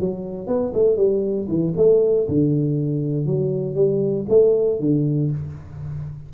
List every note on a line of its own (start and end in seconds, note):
0.00 0.47 F#3
0.47 0.73 B3
0.74 0.97 A3
0.97 1.47 G3
1.48 1.74 E3
1.77 2.28 A3
2.28 3.26 D3
3.26 3.75 F#3
3.75 4.26 G3
4.29 4.80 A3
4.80 5.31 D3